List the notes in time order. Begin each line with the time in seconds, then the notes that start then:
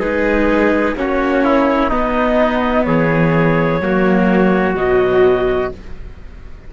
0.00 G#3 D#4 G#4 B4
0.96 A#3 C#4 F#4 C#5
1.45 E4
1.90 B3 D#4 D#5
2.84 E3 G#4 C#5
3.81 F#3 A#3 F#4
4.76 B2 F#3 D#5